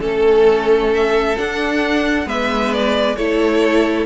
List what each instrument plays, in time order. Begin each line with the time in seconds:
0.00 cello A3, viola C#4, violin A4
0.94 violin E5
1.37 viola D4, cello D4, violin F#5
2.26 cello G#3, viola B3, violin B4 E5
2.73 violin D5
3.16 cello A3, viola E4, violin A4 C#5